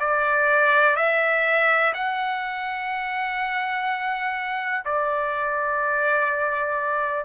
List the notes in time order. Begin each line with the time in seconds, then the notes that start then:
0.00 D5
0.96 E5
1.94 F#5
4.85 D5